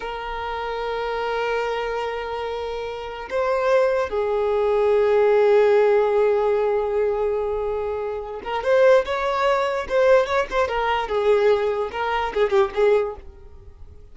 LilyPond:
\new Staff \with { instrumentName = "violin" } { \time 4/4 \tempo 4 = 146 ais'1~ | ais'1 | c''2 gis'2~ | gis'1~ |
gis'1~ | gis'8 ais'8 c''4 cis''2 | c''4 cis''8 c''8 ais'4 gis'4~ | gis'4 ais'4 gis'8 g'8 gis'4 | }